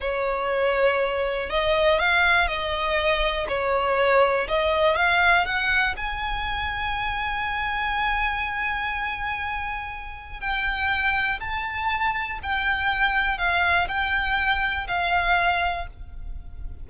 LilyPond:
\new Staff \with { instrumentName = "violin" } { \time 4/4 \tempo 4 = 121 cis''2. dis''4 | f''4 dis''2 cis''4~ | cis''4 dis''4 f''4 fis''4 | gis''1~ |
gis''1~ | gis''4 g''2 a''4~ | a''4 g''2 f''4 | g''2 f''2 | }